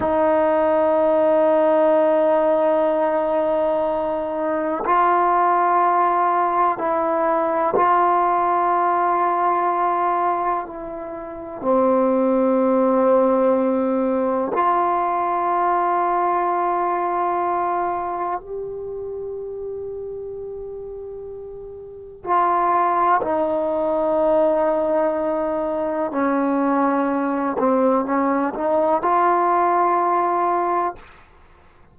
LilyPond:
\new Staff \with { instrumentName = "trombone" } { \time 4/4 \tempo 4 = 62 dis'1~ | dis'4 f'2 e'4 | f'2. e'4 | c'2. f'4~ |
f'2. g'4~ | g'2. f'4 | dis'2. cis'4~ | cis'8 c'8 cis'8 dis'8 f'2 | }